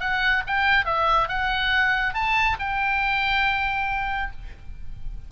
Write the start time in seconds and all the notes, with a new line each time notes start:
0.00 F#5
0.47 G5
0.85 E5
1.28 F#5
2.14 A5
2.59 G5